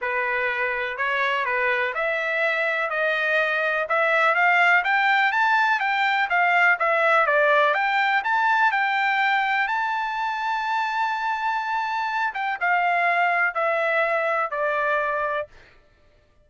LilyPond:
\new Staff \with { instrumentName = "trumpet" } { \time 4/4 \tempo 4 = 124 b'2 cis''4 b'4 | e''2 dis''2 | e''4 f''4 g''4 a''4 | g''4 f''4 e''4 d''4 |
g''4 a''4 g''2 | a''1~ | a''4. g''8 f''2 | e''2 d''2 | }